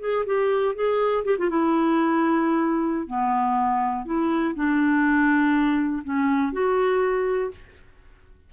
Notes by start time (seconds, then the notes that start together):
0.00 G#4
0.25 G4
0.75 G#4
1.24 G4
1.38 F4
1.49 E4
3.07 B3
4.05 E4
4.55 D4
6.03 C#4
6.52 F#4